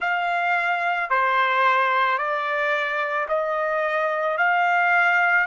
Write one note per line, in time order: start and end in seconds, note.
0.00 1.10 F5
1.10 2.18 C5
2.18 3.27 D5
3.28 4.37 D#5
4.37 5.46 F5